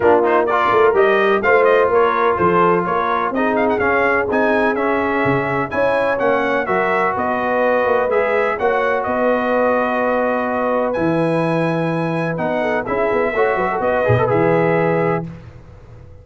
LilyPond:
<<
  \new Staff \with { instrumentName = "trumpet" } { \time 4/4 \tempo 4 = 126 ais'8 c''8 d''4 dis''4 f''8 dis''8 | cis''4 c''4 cis''4 dis''8 f''16 fis''16 | f''4 gis''4 e''2 | gis''4 fis''4 e''4 dis''4~ |
dis''4 e''4 fis''4 dis''4~ | dis''2. gis''4~ | gis''2 fis''4 e''4~ | e''4 dis''4 e''2 | }
  \new Staff \with { instrumentName = "horn" } { \time 4/4 f'4 ais'2 c''4 | ais'4 a'4 ais'4 gis'4~ | gis'1 | cis''2 ais'4 b'4~ |
b'2 cis''4 b'4~ | b'1~ | b'2~ b'8 a'8 gis'4 | cis''8 b'16 a'16 b'2. | }
  \new Staff \with { instrumentName = "trombone" } { \time 4/4 d'8 dis'8 f'4 g'4 f'4~ | f'2. dis'4 | cis'4 dis'4 cis'2 | e'4 cis'4 fis'2~ |
fis'4 gis'4 fis'2~ | fis'2. e'4~ | e'2 dis'4 e'4 | fis'4. gis'16 a'16 gis'2 | }
  \new Staff \with { instrumentName = "tuba" } { \time 4/4 ais4. a8 g4 a4 | ais4 f4 ais4 c'4 | cis'4 c'4 cis'4 cis4 | cis'4 ais4 fis4 b4~ |
b8 ais8 gis4 ais4 b4~ | b2. e4~ | e2 b4 cis'8 b8 | a8 fis8 b8 b,8 e2 | }
>>